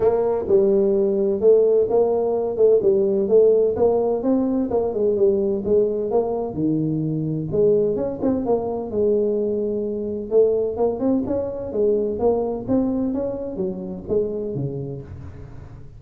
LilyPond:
\new Staff \with { instrumentName = "tuba" } { \time 4/4 \tempo 4 = 128 ais4 g2 a4 | ais4. a8 g4 a4 | ais4 c'4 ais8 gis8 g4 | gis4 ais4 dis2 |
gis4 cis'8 c'8 ais4 gis4~ | gis2 a4 ais8 c'8 | cis'4 gis4 ais4 c'4 | cis'4 fis4 gis4 cis4 | }